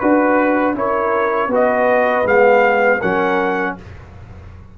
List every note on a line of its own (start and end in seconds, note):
0.00 0.75 D4
0.00 0.75 F#4
0.00 0.75 B4
0.75 1.48 C#4
0.75 1.50 E4
0.75 1.50 A#4
0.75 1.53 C#5
1.48 2.23 B3
1.48 2.25 F#4
1.48 3.00 B4
1.55 2.28 D#5
2.25 3.00 G#3
2.25 3.00 B3
2.25 3.01 F5
3.00 3.78 F#3
3.00 3.78 C#4
3.00 3.75 A#4
3.00 3.76 F#5